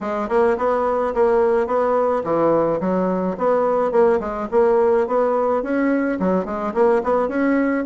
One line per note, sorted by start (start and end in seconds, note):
0.00 0.28 G#3
0.28 0.56 A#3
0.57 1.13 B3
1.14 1.66 A#3
1.66 2.22 B3
2.24 2.80 E3
2.80 3.36 F#3
3.37 3.91 B3
3.91 4.19 A#3
4.20 4.48 G#3
4.51 5.07 A#3
5.07 5.62 B3
5.62 6.18 C#4
6.19 6.45 F#3
6.45 6.73 G#3
6.74 7.02 A#3
7.03 7.28 B3
7.28 7.84 C#4